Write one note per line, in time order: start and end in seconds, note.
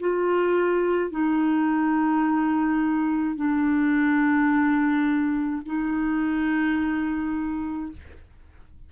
0.00 1.11 F4
1.11 3.37 D#4
3.37 5.63 D4
5.66 7.92 D#4